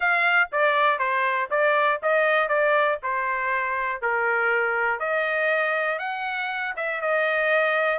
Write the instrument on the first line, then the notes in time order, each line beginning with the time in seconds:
trumpet
0.00 F5
0.51 D5
0.99 C5
1.50 D5
2.02 D#5
2.48 D5
3.02 C5
4.01 A#4
4.99 D#5
5.99 F#5
6.76 E5
7.01 D#5